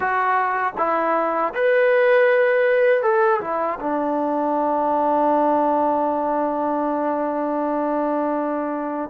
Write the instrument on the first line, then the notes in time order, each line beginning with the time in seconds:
trombone
0.00 F#4
0.77 E4
1.54 B4
3.02 A4
3.40 E4
3.80 D4